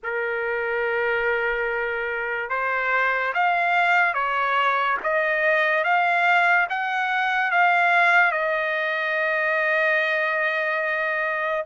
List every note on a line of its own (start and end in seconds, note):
0.03 2.49 A#4
2.49 3.33 C5
3.33 4.14 F5
4.14 4.97 C#5
5.03 5.83 D#5
5.83 6.67 F5
6.69 7.51 F#5
7.51 8.31 F5
8.31 11.64 D#5